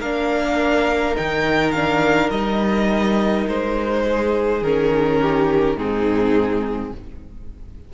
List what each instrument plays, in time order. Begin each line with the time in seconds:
0.00 cello A#3, viola D4, violin A#4 F5
1.16 cello D#3, viola D#4, violin G5
1.72 viola D4, violin F5
2.31 cello G3, viola D#4, violin D#5
3.47 cello G#3, violin C5
4.06 violin G#4
4.62 cello D#3, viola C#4, violin A#4
5.21 violin G4
5.77 cello G#2, viola C4, violin D#4 G#4